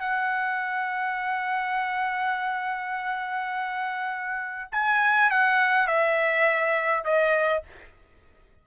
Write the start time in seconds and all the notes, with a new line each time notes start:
0.00 F#5
4.72 G#5
5.31 F#5
5.88 E5
7.05 D#5